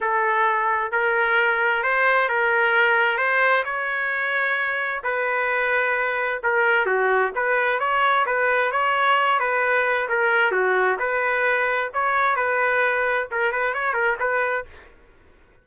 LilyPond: \new Staff \with { instrumentName = "trumpet" } { \time 4/4 \tempo 4 = 131 a'2 ais'2 | c''4 ais'2 c''4 | cis''2. b'4~ | b'2 ais'4 fis'4 |
b'4 cis''4 b'4 cis''4~ | cis''8 b'4. ais'4 fis'4 | b'2 cis''4 b'4~ | b'4 ais'8 b'8 cis''8 ais'8 b'4 | }